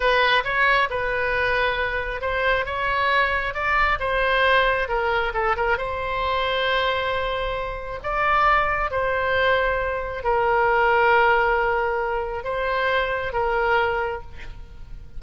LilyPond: \new Staff \with { instrumentName = "oboe" } { \time 4/4 \tempo 4 = 135 b'4 cis''4 b'2~ | b'4 c''4 cis''2 | d''4 c''2 ais'4 | a'8 ais'8 c''2.~ |
c''2 d''2 | c''2. ais'4~ | ais'1 | c''2 ais'2 | }